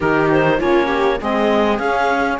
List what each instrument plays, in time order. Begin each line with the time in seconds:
0.00 cello D#3, saxophone D#4, viola G4, clarinet A#4
0.31 clarinet C5
0.58 cello A#3, saxophone C#4, viola F4, clarinet C#5
0.86 viola G4
1.20 cello G#3, saxophone C4, viola G#4, clarinet D#5
1.78 cello C#4, saxophone C#4, clarinet F5